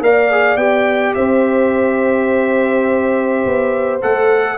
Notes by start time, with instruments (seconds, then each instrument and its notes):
0.00 tuba A#3, trombone A#4, horn D5, trumpet F5
0.31 trombone G#4
0.56 tuba B3, trombone G4, trumpet G5
1.14 tuba C4, horn C5, trumpet E5
3.45 tuba B3
4.01 tuba A3, trombone A4, trumpet F#5